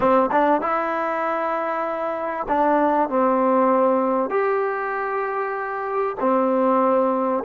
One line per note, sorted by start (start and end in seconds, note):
0.00 0.30 C4
0.31 0.61 D4
0.61 2.47 E4
2.48 3.09 D4
3.09 4.30 C4
4.30 6.15 G4
6.19 7.43 C4